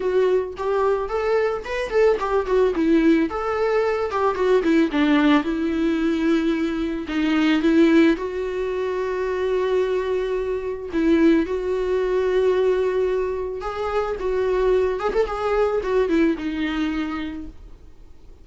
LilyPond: \new Staff \with { instrumentName = "viola" } { \time 4/4 \tempo 4 = 110 fis'4 g'4 a'4 b'8 a'8 | g'8 fis'8 e'4 a'4. g'8 | fis'8 e'8 d'4 e'2~ | e'4 dis'4 e'4 fis'4~ |
fis'1 | e'4 fis'2.~ | fis'4 gis'4 fis'4. gis'16 a'16 | gis'4 fis'8 e'8 dis'2 | }